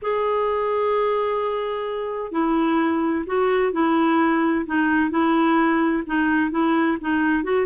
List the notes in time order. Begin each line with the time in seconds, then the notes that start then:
0.01 G#4
2.31 E4
3.26 F#4
3.72 E4
4.66 D#4
5.10 E4
6.06 D#4
6.51 E4
7.00 D#4
7.43 F#4